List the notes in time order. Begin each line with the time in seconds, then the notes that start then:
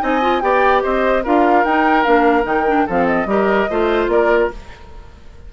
0.00 C4 D#4 D#5 G#5
0.21 F4
0.41 B3 G4 D5 G5
0.83 C4 C5 D#5
1.24 D4 F4 A#4 F5
1.65 D#4 G5
2.04 A#3 D4 F5
2.43 D#3 D#4 G5
2.67 D4
2.86 F3 C4 A4 F5
3.06 D#5
3.26 G3 G4 A#4
3.70 A3 F4 C5
4.08 A#3 A#4 D5